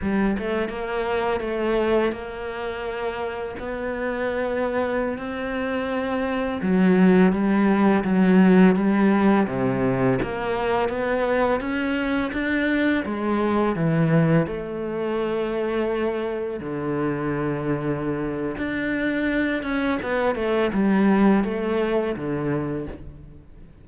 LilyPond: \new Staff \with { instrumentName = "cello" } { \time 4/4 \tempo 4 = 84 g8 a8 ais4 a4 ais4~ | ais4 b2~ b16 c'8.~ | c'4~ c'16 fis4 g4 fis8.~ | fis16 g4 c4 ais4 b8.~ |
b16 cis'4 d'4 gis4 e8.~ | e16 a2. d8.~ | d2 d'4. cis'8 | b8 a8 g4 a4 d4 | }